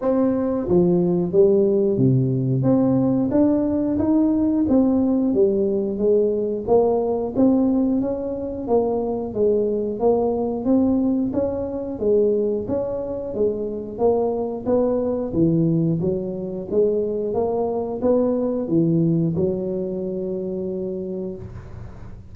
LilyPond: \new Staff \with { instrumentName = "tuba" } { \time 4/4 \tempo 4 = 90 c'4 f4 g4 c4 | c'4 d'4 dis'4 c'4 | g4 gis4 ais4 c'4 | cis'4 ais4 gis4 ais4 |
c'4 cis'4 gis4 cis'4 | gis4 ais4 b4 e4 | fis4 gis4 ais4 b4 | e4 fis2. | }